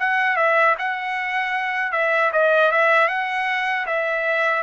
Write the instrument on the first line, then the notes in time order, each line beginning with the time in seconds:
trumpet
0.00 F#5
0.37 E5
0.79 F#5
1.93 E5
2.33 D#5
2.72 E5
3.09 F#5
3.87 E5